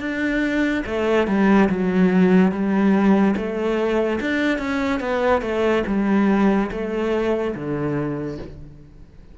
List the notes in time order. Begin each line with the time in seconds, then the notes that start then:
0.00 D4
0.86 A3
1.27 G3
1.69 F#3
2.52 G3
3.36 A3
4.20 D4
4.58 C#4
5.00 B3
5.41 A3
5.87 G3
6.71 A3
7.55 D3